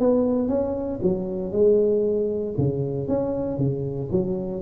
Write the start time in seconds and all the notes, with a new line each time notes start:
0.00 B3
0.48 C#4
1.03 F#3
1.52 G#3
2.58 C#3
3.08 C#4
3.58 C#3
4.12 F#3